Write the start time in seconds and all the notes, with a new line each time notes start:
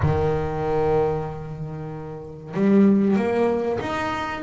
0.02 D#3
2.54 G3
3.16 A#3
3.80 D#4